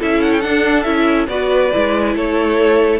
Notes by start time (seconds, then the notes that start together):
0.00 C#4 E4 A4 E5
0.22 F#5
0.33 G5
0.42 D4 F#5
0.83 C#4 E4 E5
1.28 B3 F#4 B4 D5
1.73 G#3 E4
2.15 A3 A4 C#5